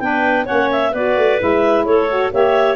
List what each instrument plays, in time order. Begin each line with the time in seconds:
0.00 tuba B3, saxophone D4, clarinet B4 G5
0.45 saxophone C#4, clarinet C#5 F#5
0.52 tuba A#3
0.72 clarinet E5
0.92 tuba B3, saxophone F#4, clarinet B4 D5
1.17 tuba A3
1.39 tuba G#3, saxophone E4, clarinet E5
1.86 tuba A3, clarinet A4 C#5
2.09 saxophone F#4
2.32 tuba A#3, saxophone G4, clarinet C#5 E5